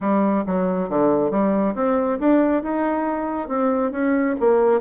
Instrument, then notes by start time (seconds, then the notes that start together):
bassoon
0.00 G3
0.46 F#3
0.89 D3
1.30 G3
1.74 C4
2.19 D4
2.63 D#4
3.48 C4
3.91 C#4
4.40 A#3